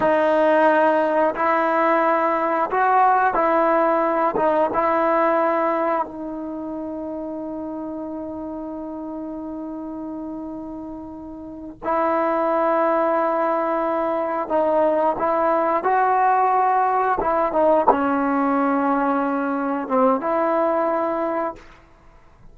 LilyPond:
\new Staff \with { instrumentName = "trombone" } { \time 4/4 \tempo 4 = 89 dis'2 e'2 | fis'4 e'4. dis'8 e'4~ | e'4 dis'2.~ | dis'1~ |
dis'4. e'2~ e'8~ | e'4. dis'4 e'4 fis'8~ | fis'4. e'8 dis'8 cis'4.~ | cis'4. c'8 e'2 | }